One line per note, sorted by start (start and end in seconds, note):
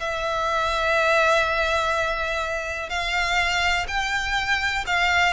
0.00 2.89 E5
2.89 3.86 F5
3.88 4.85 G5
4.87 5.33 F5